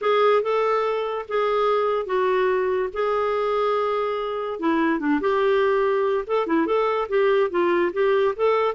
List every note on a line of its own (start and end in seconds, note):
0.01 0.42 G#4
0.42 1.25 A4
1.28 2.05 G#4
2.05 2.89 F#4
2.93 4.59 G#4
4.59 4.99 E4
4.99 5.20 D4
5.20 6.24 G4
6.26 6.46 A4
6.46 6.66 E4
6.66 7.08 A4
7.08 7.50 G4
7.50 7.92 F4
7.93 8.34 G4
8.35 8.74 A4